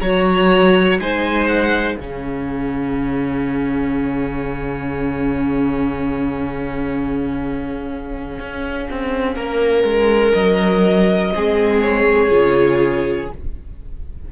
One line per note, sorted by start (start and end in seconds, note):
0.00 0.99 F#3
0.00 1.00 F#4
0.00 1.00 C#5
0.00 0.98 A#5
0.99 1.97 G#3
0.99 1.99 D#4
0.99 1.97 C5
0.99 1.48 G#5
1.48 1.95 F#5
1.95 8.38 C#3
1.95 11.33 C#4
1.95 9.35 G#4
1.95 10.31 F5
8.40 8.89 C#4
8.90 9.36 C4
9.36 9.84 A#3
9.36 11.32 A#4
9.84 10.33 G#3
10.33 11.34 F#3
10.33 11.80 D#5
11.33 12.31 G#3
11.33 12.30 C4
11.33 13.32 G#4
11.81 13.29 C#5
12.30 13.30 C#3
12.30 13.29 F4